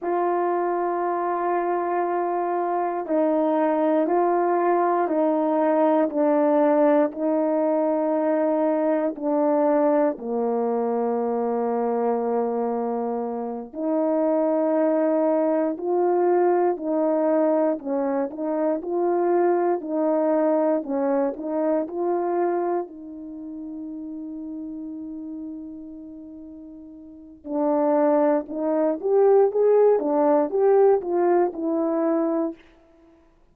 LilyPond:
\new Staff \with { instrumentName = "horn" } { \time 4/4 \tempo 4 = 59 f'2. dis'4 | f'4 dis'4 d'4 dis'4~ | dis'4 d'4 ais2~ | ais4. dis'2 f'8~ |
f'8 dis'4 cis'8 dis'8 f'4 dis'8~ | dis'8 cis'8 dis'8 f'4 dis'4.~ | dis'2. d'4 | dis'8 g'8 gis'8 d'8 g'8 f'8 e'4 | }